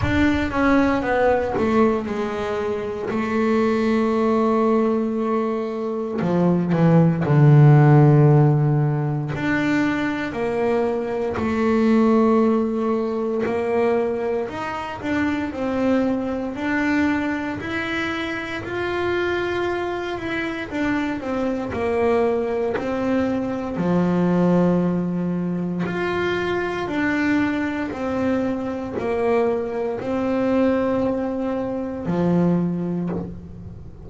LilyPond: \new Staff \with { instrumentName = "double bass" } { \time 4/4 \tempo 4 = 58 d'8 cis'8 b8 a8 gis4 a4~ | a2 f8 e8 d4~ | d4 d'4 ais4 a4~ | a4 ais4 dis'8 d'8 c'4 |
d'4 e'4 f'4. e'8 | d'8 c'8 ais4 c'4 f4~ | f4 f'4 d'4 c'4 | ais4 c'2 f4 | }